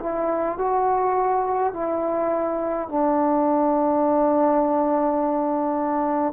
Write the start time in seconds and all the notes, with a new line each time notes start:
0.00 E4
0.58 F#4
1.74 E4
2.89 D4